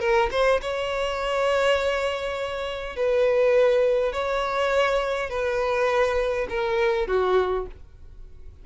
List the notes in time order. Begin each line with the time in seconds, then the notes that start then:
0.00 A#4
0.31 C5
0.61 C#5
2.96 B4
4.13 C#5
5.30 B4
6.50 A#4
7.07 F#4